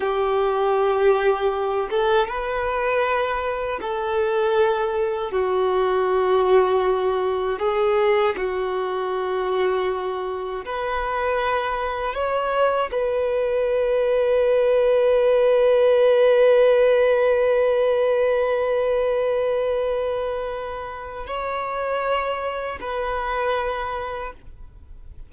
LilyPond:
\new Staff \with { instrumentName = "violin" } { \time 4/4 \tempo 4 = 79 g'2~ g'8 a'8 b'4~ | b'4 a'2 fis'4~ | fis'2 gis'4 fis'4~ | fis'2 b'2 |
cis''4 b'2.~ | b'1~ | b'1 | cis''2 b'2 | }